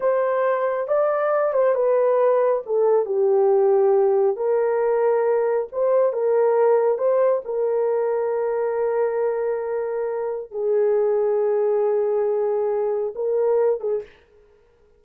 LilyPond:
\new Staff \with { instrumentName = "horn" } { \time 4/4 \tempo 4 = 137 c''2 d''4. c''8 | b'2 a'4 g'4~ | g'2 ais'2~ | ais'4 c''4 ais'2 |
c''4 ais'2.~ | ais'1 | gis'1~ | gis'2 ais'4. gis'8 | }